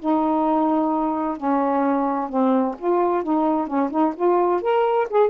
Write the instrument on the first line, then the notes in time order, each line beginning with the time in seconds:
saxophone
0.00 D#4
1.38 C#4
2.30 C4
2.79 F4
3.24 D#4
3.68 C#4
3.91 D#4
4.16 F4
4.62 A#4
5.11 G#4